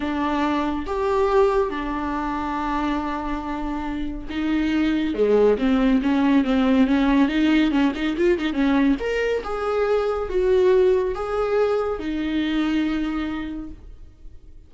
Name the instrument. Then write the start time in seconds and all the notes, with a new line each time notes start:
viola
0.00 D4
0.86 G4
1.69 D4
4.29 D#4
5.14 G#3
5.58 C4
6.02 C#4
6.44 C4
6.86 C#4
7.28 D#4
7.71 C#4
7.95 D#4
8.17 F4
8.38 D#4
8.53 C#4
8.99 A#4
9.43 G#4
10.29 F#4
11.14 G#4
11.99 D#4